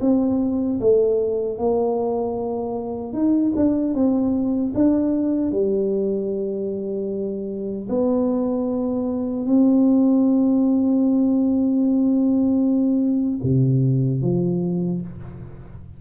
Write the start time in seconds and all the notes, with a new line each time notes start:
0.00 C4
0.80 A3
1.58 A#3
3.13 D#4
3.55 D4
3.94 C4
4.74 D4
5.51 G3
7.89 B3
9.45 C4
13.42 C3
14.21 F3